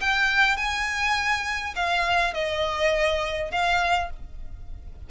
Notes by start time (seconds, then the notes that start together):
0.00 G5
0.56 G#5
1.75 F5
2.33 D#5
3.51 F5